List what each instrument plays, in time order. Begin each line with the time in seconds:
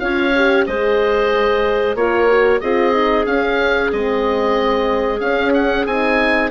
0.00 bassoon C#4, horn F4, clarinet C#5, oboe F5
0.36 horn G4
0.67 bassoon G#3, horn G#4, clarinet C5, oboe D#5
1.96 bassoon A#3, horn F4, clarinet A#4, oboe C#5
2.29 horn F#4
2.61 bassoon C4, horn F4, clarinet G#4, oboe D#5
2.93 horn D#4
3.26 horn C#4, bassoon C#4, oboe F5
3.92 bassoon G#3, horn C4, oboe D#5
5.21 bassoon C#4, horn C#4, oboe F5
5.54 oboe F#5
5.87 bassoon C4, horn D#4, oboe G#5